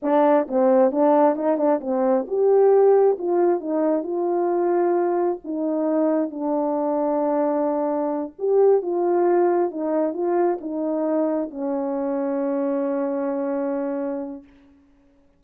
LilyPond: \new Staff \with { instrumentName = "horn" } { \time 4/4 \tempo 4 = 133 d'4 c'4 d'4 dis'8 d'8 | c'4 g'2 f'4 | dis'4 f'2. | dis'2 d'2~ |
d'2~ d'8 g'4 f'8~ | f'4. dis'4 f'4 dis'8~ | dis'4. cis'2~ cis'8~ | cis'1 | }